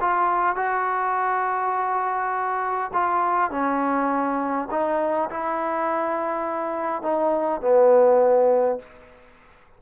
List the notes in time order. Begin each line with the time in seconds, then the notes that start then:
0.00 F4
0.56 F#4
2.93 F4
3.51 C#4
4.70 D#4
5.30 E4
7.02 D#4
7.61 B3